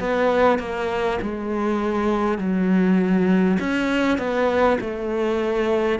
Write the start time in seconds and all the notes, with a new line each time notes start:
0.00 B3
0.59 A#3
1.22 G#3
2.38 F#3
3.59 C#4
4.18 B3
4.81 A3